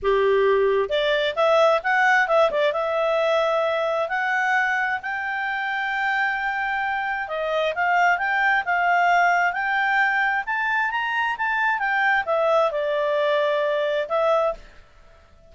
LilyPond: \new Staff \with { instrumentName = "clarinet" } { \time 4/4 \tempo 4 = 132 g'2 d''4 e''4 | fis''4 e''8 d''8 e''2~ | e''4 fis''2 g''4~ | g''1 |
dis''4 f''4 g''4 f''4~ | f''4 g''2 a''4 | ais''4 a''4 g''4 e''4 | d''2. e''4 | }